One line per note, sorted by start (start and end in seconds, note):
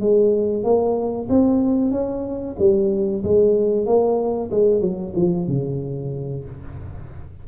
0.00 0.64 G#3
0.64 1.28 A#3
1.29 1.91 C4
1.91 2.56 C#4
2.59 3.23 G3
3.24 3.86 G#3
3.86 4.51 A#3
4.51 4.81 G#3
4.81 5.13 F#3
5.16 5.48 F3
5.48 6.45 C#3